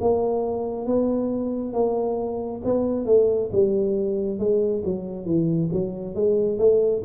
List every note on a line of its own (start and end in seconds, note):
0.00 0.86 A#3
0.86 1.73 B3
1.73 2.61 A#3
2.64 3.06 B3
3.06 3.50 A3
3.52 4.38 G3
4.38 4.82 G#3
4.84 5.25 F#3
5.25 5.70 E3
5.72 6.14 F#3
6.14 6.58 G#3
6.58 7.02 A3